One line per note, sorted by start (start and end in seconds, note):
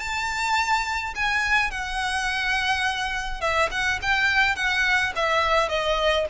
0.00 1.14 A5
1.16 1.71 G#5
1.71 3.41 F#5
3.41 3.70 E5
3.71 4.00 F#5
4.03 4.56 G5
4.56 5.13 F#5
5.16 5.69 E5
5.69 6.26 D#5